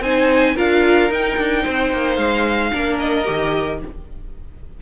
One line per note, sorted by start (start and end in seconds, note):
0.00 0.54 C4
0.00 0.56 D#4
0.00 0.55 C5
0.00 0.56 G#5
0.55 1.10 D4
0.55 1.10 F4
0.55 1.62 A#4
0.55 1.12 F5
1.10 1.37 D#4
1.10 2.72 D#4
1.10 2.15 G5
1.38 1.65 D4
1.62 1.92 C4
1.62 2.71 C5
1.92 2.17 A#3
2.15 2.71 G#3
2.15 2.96 F5
2.72 3.27 A#3
2.72 3.24 D4
2.72 3.80 A#4
2.99 3.80 D#5
3.24 3.82 D#3
3.24 3.78 G4